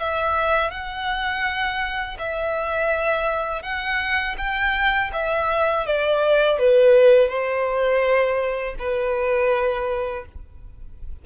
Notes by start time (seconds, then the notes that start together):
0.00 E5
0.71 F#5
2.19 E5
3.63 F#5
4.38 G5
5.13 E5
5.86 D5
6.59 B4
7.28 C5
8.79 B4